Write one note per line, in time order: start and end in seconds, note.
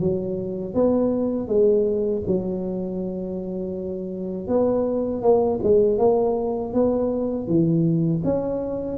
0.00 0.75 F#3
0.75 1.48 B3
1.48 2.23 G#3
2.27 4.48 F#3
4.48 5.22 B3
5.22 5.60 A#3
5.63 5.99 G#3
5.99 6.74 A#3
6.74 7.48 B3
7.48 8.23 E3
8.25 8.98 C#4